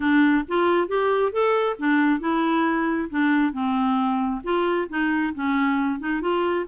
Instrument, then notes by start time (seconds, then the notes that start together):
clarinet
0.00 D4
0.48 F4
0.88 G4
1.32 A4
1.78 D4
2.20 E4
3.10 D4
3.53 C4
4.43 F4
4.89 D#4
5.34 C#4
5.99 D#4
6.21 F4